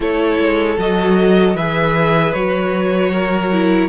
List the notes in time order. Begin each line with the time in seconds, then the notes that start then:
0.00 A3 E4 A4 C#5
0.38 G#3
0.78 F#3 F#4 D#5
1.55 E3 G#4 B4 E5
2.33 F#3 F#4 C#5
3.12 A#4
3.52 E4